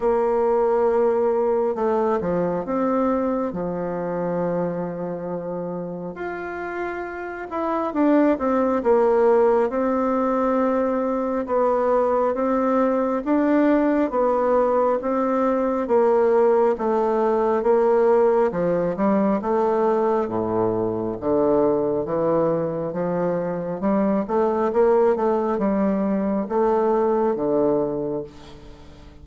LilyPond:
\new Staff \with { instrumentName = "bassoon" } { \time 4/4 \tempo 4 = 68 ais2 a8 f8 c'4 | f2. f'4~ | f'8 e'8 d'8 c'8 ais4 c'4~ | c'4 b4 c'4 d'4 |
b4 c'4 ais4 a4 | ais4 f8 g8 a4 a,4 | d4 e4 f4 g8 a8 | ais8 a8 g4 a4 d4 | }